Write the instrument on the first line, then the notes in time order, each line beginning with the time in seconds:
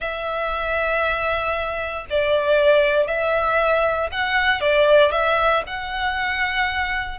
violin
0.00 E5
2.10 D5
3.07 E5
4.11 F#5
4.61 D5
5.11 E5
5.66 F#5